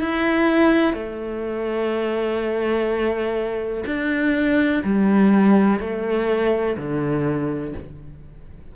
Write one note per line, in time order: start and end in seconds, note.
0.00 0.93 E4
0.93 3.84 A3
3.86 4.83 D4
4.84 5.80 G3
5.80 6.77 A3
6.77 7.74 D3